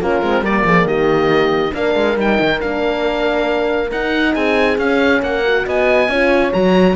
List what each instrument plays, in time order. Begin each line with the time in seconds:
0.00 cello A#3, horn C#4 F4, oboe A#4
0.21 cello G#3, horn C4
0.40 cello G3, horn A#3 A#4, oboe D5
0.64 cello F3, horn G#4
0.84 cello D#3, horn G4, oboe D#5
1.72 cello A#3, horn D4 A#4, oboe F5
1.95 cello G#3
2.16 cello G3, horn D#4, oboe G5
2.40 cello D#3
2.59 cello A#3, horn D4, oboe F5
3.91 cello D#4, horn D#4, oboe F#5
4.34 cello C4, horn G#4, oboe G#5
4.78 cello C#4, horn C#4, oboe F5
5.22 cello A#3, horn A#4, oboe F#5
5.45 horn F#4
5.66 cello B3, horn D#5, oboe G#5
6.08 cello C#4, horn F4 C#5
6.52 cello F#3, horn F#4, oboe A#5